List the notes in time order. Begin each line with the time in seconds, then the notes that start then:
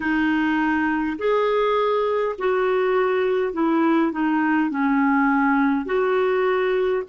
0.00 D#4
1.18 G#4
2.38 F#4
3.53 E4
4.12 D#4
4.70 C#4
5.85 F#4